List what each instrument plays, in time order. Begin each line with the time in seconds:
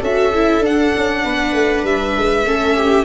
0.00 tuba C#4, viola F#4 A4, violin E5
0.34 viola E4
0.60 tuba D4, viola D4, violin F#5
0.97 tuba C#4
1.25 tuba B3, viola B4
1.54 tuba A3
1.84 tuba G3, violin E5
2.17 tuba G#3
2.46 tuba A3, viola C#4 A4
2.76 viola G4